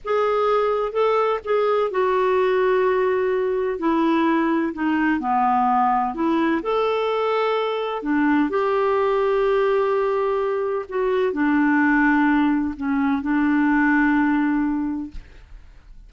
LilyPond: \new Staff \with { instrumentName = "clarinet" } { \time 4/4 \tempo 4 = 127 gis'2 a'4 gis'4 | fis'1 | e'2 dis'4 b4~ | b4 e'4 a'2~ |
a'4 d'4 g'2~ | g'2. fis'4 | d'2. cis'4 | d'1 | }